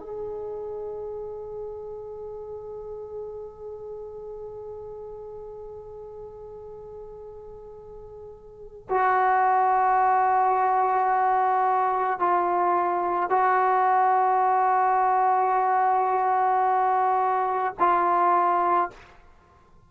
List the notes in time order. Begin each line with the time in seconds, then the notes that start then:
0.00 G#4
8.90 F#4
12.20 F4
13.30 F#4
17.80 F4